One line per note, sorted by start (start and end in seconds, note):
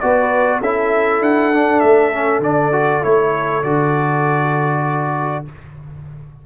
0.00 0.61 B3
0.00 0.62 F#4
0.00 0.61 B4
0.00 0.61 D5
0.61 1.20 C#4
0.61 1.53 E4
0.61 5.46 A4
0.61 1.23 E5
1.20 1.81 D4
1.20 1.80 F#5
1.53 2.13 D4
1.80 2.39 A3
1.80 2.41 E5
2.13 2.43 C#4
2.39 3.00 D3
2.39 2.72 D4
2.39 3.04 D5
2.72 3.02 F#4
3.03 3.64 A3
3.03 3.63 E4
3.03 3.64 C#5
3.64 5.45 D3
3.64 5.45 F#4
3.64 5.45 D5